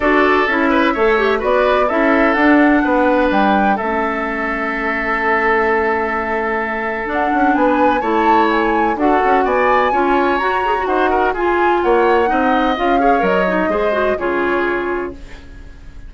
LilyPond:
<<
  \new Staff \with { instrumentName = "flute" } { \time 4/4 \tempo 4 = 127 d''4 e''2 d''4 | e''4 fis''2 g''4 | e''1~ | e''2. fis''4 |
gis''4 a''4 gis''4 fis''4 | gis''2 ais''4 fis''4 | gis''4 fis''2 f''4 | dis''2 cis''2 | }
  \new Staff \with { instrumentName = "oboe" } { \time 4/4 a'4. b'8 cis''4 b'4 | a'2 b'2 | a'1~ | a'1 |
b'4 cis''2 a'4 | d''4 cis''2 c''8 ais'8 | gis'4 cis''4 dis''4. cis''8~ | cis''4 c''4 gis'2 | }
  \new Staff \with { instrumentName = "clarinet" } { \time 4/4 fis'4 e'4 a'8 g'8 fis'4 | e'4 d'2. | cis'1~ | cis'2. d'4~ |
d'4 e'2 fis'4~ | fis'4 f'4 fis'8 gis'16 fis'4~ fis'16 | f'2 dis'4 f'8 gis'8 | ais'8 dis'8 gis'8 fis'8 f'2 | }
  \new Staff \with { instrumentName = "bassoon" } { \time 4/4 d'4 cis'4 a4 b4 | cis'4 d'4 b4 g4 | a1~ | a2. d'8 cis'8 |
b4 a2 d'8 cis'8 | b4 cis'4 fis'4 dis'4 | f'4 ais4 c'4 cis'4 | fis4 gis4 cis2 | }
>>